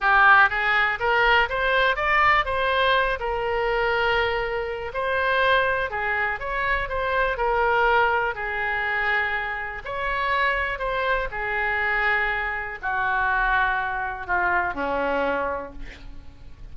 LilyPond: \new Staff \with { instrumentName = "oboe" } { \time 4/4 \tempo 4 = 122 g'4 gis'4 ais'4 c''4 | d''4 c''4. ais'4.~ | ais'2 c''2 | gis'4 cis''4 c''4 ais'4~ |
ais'4 gis'2. | cis''2 c''4 gis'4~ | gis'2 fis'2~ | fis'4 f'4 cis'2 | }